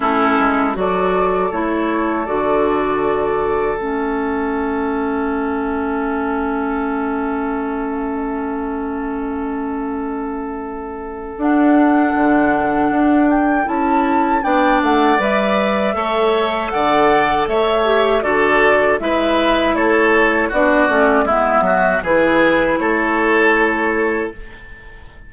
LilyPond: <<
  \new Staff \with { instrumentName = "flute" } { \time 4/4 \tempo 4 = 79 a'4 d''4 cis''4 d''4~ | d''4 e''2.~ | e''1~ | e''2. fis''4~ |
fis''4. g''8 a''4 g''8 fis''8 | e''2 fis''4 e''4 | d''4 e''4 cis''4 d''4 | e''4 b'4 cis''2 | }
  \new Staff \with { instrumentName = "oboe" } { \time 4/4 e'4 a'2.~ | a'1~ | a'1~ | a'1~ |
a'2. d''4~ | d''4 cis''4 d''4 cis''4 | a'4 b'4 a'4 fis'4 | e'8 fis'8 gis'4 a'2 | }
  \new Staff \with { instrumentName = "clarinet" } { \time 4/4 cis'4 fis'4 e'4 fis'4~ | fis'4 cis'2.~ | cis'1~ | cis'2. d'4~ |
d'2 e'4 d'4 | b'4 a'2~ a'8 g'8 | fis'4 e'2 d'8 cis'8 | b4 e'2. | }
  \new Staff \with { instrumentName = "bassoon" } { \time 4/4 a8 gis8 fis4 a4 d4~ | d4 a2.~ | a1~ | a2. d'4 |
d4 d'4 cis'4 b8 a8 | g4 a4 d4 a4 | d4 gis4 a4 b8 a8 | gis8 fis8 e4 a2 | }
>>